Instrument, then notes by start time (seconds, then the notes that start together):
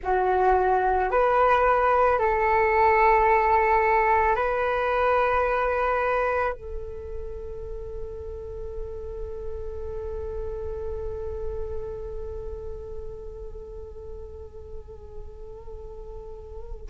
flute
0.03 F#4
1.11 B4
2.18 A4
4.35 B4
6.53 A4